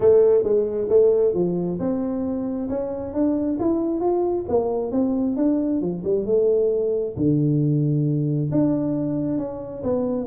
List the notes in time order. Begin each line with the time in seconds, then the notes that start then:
0.00 A3
0.43 G#3
0.89 A3
1.34 F3
1.79 C4
2.69 C#4
3.13 D4
3.59 E4
4.00 F4
4.48 A#3
4.91 C4
5.36 D4
5.81 F3
6.03 G3
6.25 A3
7.16 D3
8.51 D4
9.38 C#4
9.83 B3